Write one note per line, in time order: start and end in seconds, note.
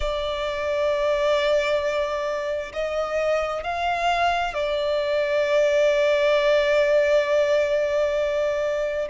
0.00 2.72 D5
2.73 3.63 D#5
3.63 4.53 F5
4.53 9.08 D5